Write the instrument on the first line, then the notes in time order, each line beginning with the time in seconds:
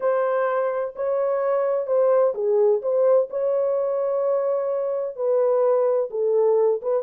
horn
0.00 C5
0.95 C#5
1.86 C5
2.34 G#4
2.82 C5
3.29 C#5
5.15 B4
6.10 A4
6.81 B4